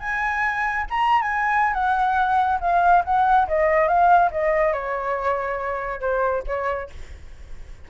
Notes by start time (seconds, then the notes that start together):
0.00 G#5
0.90 A#5
1.22 G#5
1.74 F#5
2.61 F5
3.05 F#5
3.48 D#5
3.88 F5
4.32 D#5
4.73 C#5
6.01 C5
6.47 C#5